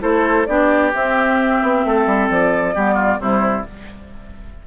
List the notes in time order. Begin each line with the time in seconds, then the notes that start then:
0.00 A3 E4 A4 C5
0.46 B3 D4 G4 D5
0.94 C4 E5
1.62 B3
1.84 A3 A4
2.06 G3
2.29 F3 D5
2.74 G3 B3 G4
2.94 F4
3.18 C3 G3 E4 C5